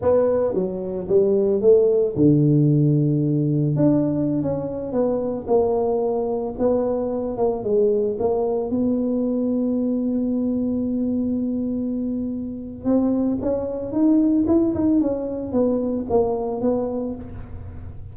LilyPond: \new Staff \with { instrumentName = "tuba" } { \time 4/4 \tempo 4 = 112 b4 fis4 g4 a4 | d2. d'4~ | d'16 cis'4 b4 ais4.~ ais16~ | ais16 b4. ais8 gis4 ais8.~ |
ais16 b2.~ b8.~ | b1 | c'4 cis'4 dis'4 e'8 dis'8 | cis'4 b4 ais4 b4 | }